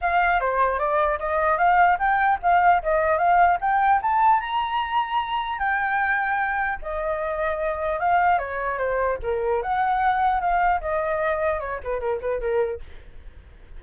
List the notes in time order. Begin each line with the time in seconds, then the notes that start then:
0.01 F5
0.40 C5
0.78 D5
1.19 D#5
1.58 F5
1.99 G5
2.42 F5
2.82 D#5
3.18 F5
3.61 G5
4.02 A5
4.40 A#5
5.58 G5
6.81 D#5
7.99 F5
8.38 C#5
8.77 C5
9.22 A#4
9.62 F#5
10.40 F5
10.80 D#5
11.60 C#5
11.83 B4
12.00 A#4
12.21 B4
12.40 A#4